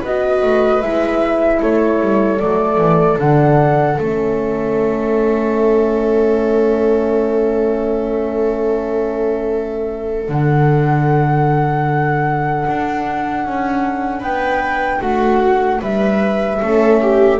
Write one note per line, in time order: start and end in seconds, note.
0.00 0.42 B3
0.00 0.84 F#4
0.00 1.58 B4
0.00 0.82 D#5
0.42 0.82 A3
0.82 1.61 G#3
0.82 2.40 E4
0.82 1.61 E5
1.59 2.01 A3
1.59 14.20 A4
1.59 2.39 C#5
2.01 2.40 G3
2.39 2.78 F#3
2.39 3.18 A3
2.39 3.18 D5
2.78 3.17 E3
3.18 3.97 D3
3.18 3.97 D4
3.18 3.98 F#5
3.98 10.28 A3
3.98 10.29 C#4
3.98 10.30 E5
10.28 12.65 D3
10.28 16.60 D4
10.28 14.22 F#5
12.68 13.45 D4
13.45 14.21 C#4
14.20 15.00 B3
14.20 14.99 B4
14.20 15.01 G5
15.00 15.80 A3
15.00 15.79 F#4
15.00 15.80 F#5
15.81 16.61 G3
15.81 16.60 B4
15.81 17.40 E5
16.61 17.40 A3
16.61 17.40 C#4
16.61 17.01 A4
17.01 17.40 G4